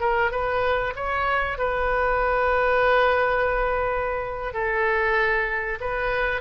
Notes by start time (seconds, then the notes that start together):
0.00 A#4
0.32 B4
0.96 C#5
1.58 B4
4.54 A4
5.81 B4